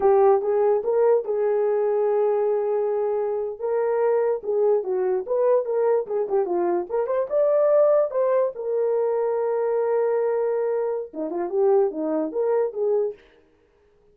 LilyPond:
\new Staff \with { instrumentName = "horn" } { \time 4/4 \tempo 4 = 146 g'4 gis'4 ais'4 gis'4~ | gis'1~ | gis'8. ais'2 gis'4 fis'16~ | fis'8. b'4 ais'4 gis'8 g'8 f'16~ |
f'8. ais'8 c''8 d''2 c''16~ | c''8. ais'2.~ ais'16~ | ais'2. dis'8 f'8 | g'4 dis'4 ais'4 gis'4 | }